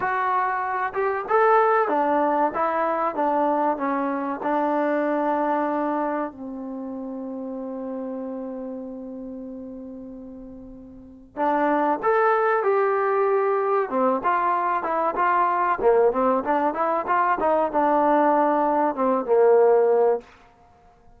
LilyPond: \new Staff \with { instrumentName = "trombone" } { \time 4/4 \tempo 4 = 95 fis'4. g'8 a'4 d'4 | e'4 d'4 cis'4 d'4~ | d'2 c'2~ | c'1~ |
c'2 d'4 a'4 | g'2 c'8 f'4 e'8 | f'4 ais8 c'8 d'8 e'8 f'8 dis'8 | d'2 c'8 ais4. | }